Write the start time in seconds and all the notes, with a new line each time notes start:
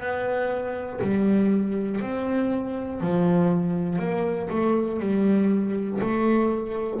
0.00 B3
1.01 G3
2.00 C4
3.00 F3
3.98 A#3
4.49 A3
4.99 G3
6.00 A3